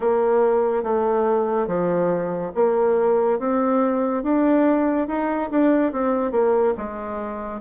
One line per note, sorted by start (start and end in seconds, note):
0.00 0.83 A#3
0.83 1.67 A3
1.67 2.51 F3
2.55 3.39 A#3
3.39 4.23 C4
4.23 5.07 D4
5.07 5.49 D#4
5.50 5.92 D4
5.92 6.31 C4
6.31 6.74 A#3
6.77 7.61 G#3